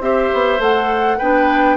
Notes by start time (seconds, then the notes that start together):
0.00 C4 G4 C5 E5
0.33 B3
0.59 A3 A4 F#5
1.18 B3 D4 B4 G5